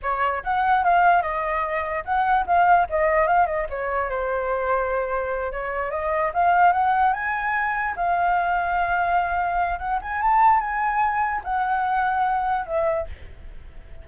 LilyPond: \new Staff \with { instrumentName = "flute" } { \time 4/4 \tempo 4 = 147 cis''4 fis''4 f''4 dis''4~ | dis''4 fis''4 f''4 dis''4 | f''8 dis''8 cis''4 c''2~ | c''4. cis''4 dis''4 f''8~ |
f''8 fis''4 gis''2 f''8~ | f''1 | fis''8 gis''8 a''4 gis''2 | fis''2. e''4 | }